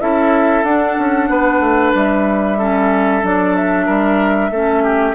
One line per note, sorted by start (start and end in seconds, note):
0.00 0.64 C#4
0.00 0.65 E4
0.00 1.30 A4
0.00 0.64 E5
0.64 0.96 D4
0.64 2.58 D4
0.64 1.93 F#5
0.98 1.29 C#4
1.29 1.60 B3
1.29 2.58 B4
1.60 1.92 A3
1.94 3.23 G3
1.94 3.25 E5
2.58 3.22 C#4
2.58 3.86 A4
3.22 3.88 F#3
3.22 4.51 D4
3.22 3.55 D5
3.55 5.14 E5
3.86 4.51 G3
3.86 4.50 A#4
4.51 5.14 A3
4.51 5.14 C#4
4.51 4.83 A4
4.83 5.14 G4